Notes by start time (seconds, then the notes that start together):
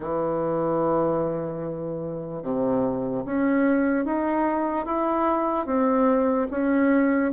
0.00 E3
2.42 C3
3.25 C#4
4.05 D#4
4.85 E4
5.66 C4
6.50 C#4